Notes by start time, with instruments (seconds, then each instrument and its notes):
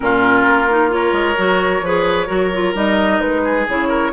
0.00 bassoon A#2, clarinet C#4, oboe F4, flute A#4
0.47 bassoon A#3
0.70 clarinet D#4
0.89 clarinet F4, oboe A#4, flute C#5
1.12 bassoon G#3
1.37 bassoon F#3, clarinet F#4
1.81 bassoon F3, clarinet G#4, oboe B4
2.26 bassoon F#3, clarinet F#4, oboe A#4
2.53 clarinet F4
2.74 bassoon G3, clarinet D#4, flute D#5
3.20 bassoon G#3, flute B4
3.43 oboe G#4
3.68 bassoon C#3, clarinet E4, flute C#5
3.88 oboe A#4